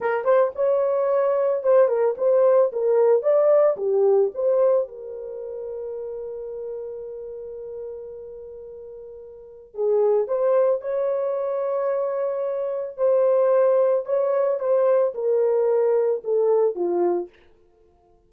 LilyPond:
\new Staff \with { instrumentName = "horn" } { \time 4/4 \tempo 4 = 111 ais'8 c''8 cis''2 c''8 ais'8 | c''4 ais'4 d''4 g'4 | c''4 ais'2.~ | ais'1~ |
ais'2 gis'4 c''4 | cis''1 | c''2 cis''4 c''4 | ais'2 a'4 f'4 | }